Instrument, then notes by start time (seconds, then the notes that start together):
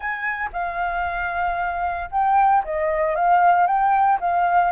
flute
0.00 G#5
0.52 F5
2.11 G5
2.64 D#5
3.15 F5
3.66 G5
4.20 F5